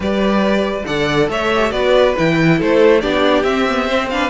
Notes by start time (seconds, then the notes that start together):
0.00 G3 G4 B4 D5
0.85 D3 A4 D5 F#5
1.28 A3 C#5 E5
1.54 G4
1.71 B3 F#4 B4 D5
2.16 E3 E4 G5
2.58 A3 A4 C5
3.00 B3 D4 G4 D5
3.43 C4 E5
3.68 B3
3.86 C4 C5
4.09 D4 B4 F5